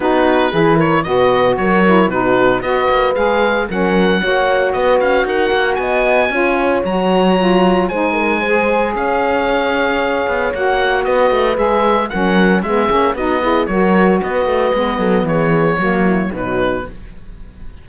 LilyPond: <<
  \new Staff \with { instrumentName = "oboe" } { \time 4/4 \tempo 4 = 114 b'4. cis''8 dis''4 cis''4 | b'4 dis''4 f''4 fis''4~ | fis''4 dis''8 f''8 fis''4 gis''4~ | gis''4 ais''2 gis''4~ |
gis''4 f''2. | fis''4 dis''4 e''4 fis''4 | e''4 dis''4 cis''4 dis''4~ | dis''4 cis''2 b'4 | }
  \new Staff \with { instrumentName = "horn" } { \time 4/4 fis'4 gis'8 ais'8 b'4 ais'4 | fis'4 b'2 ais'4 | cis''4 b'4 ais'4 dis''4 | cis''2. c''8 ais'8 |
c''4 cis''2.~ | cis''4 b'2 ais'4 | gis'4 fis'8 gis'8 ais'4 b'4~ | b'8 a'8 gis'4 fis'8 e'8 dis'4 | }
  \new Staff \with { instrumentName = "saxophone" } { \time 4/4 dis'4 e'4 fis'4. e'8 | dis'4 fis'4 gis'4 cis'4 | fis'1 | f'4 fis'4 f'4 dis'4 |
gis'1 | fis'2 gis'4 cis'4 | b8 cis'8 dis'8 e'8 fis'2 | b2 ais4 fis4 | }
  \new Staff \with { instrumentName = "cello" } { \time 4/4 b4 e4 b,4 fis4 | b,4 b8 ais8 gis4 fis4 | ais4 b8 cis'8 dis'8 ais8 b4 | cis'4 fis2 gis4~ |
gis4 cis'2~ cis'8 b8 | ais4 b8 a8 gis4 fis4 | gis8 ais8 b4 fis4 b8 a8 | gis8 fis8 e4 fis4 b,4 | }
>>